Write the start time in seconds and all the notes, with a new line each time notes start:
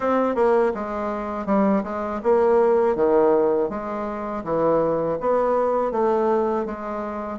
0.00 C4
0.35 A#3
0.74 G#3
1.45 G3
1.83 G#3
2.23 A#3
2.95 D#3
3.69 G#3
4.43 E3
5.20 B3
5.91 A3
6.65 G#3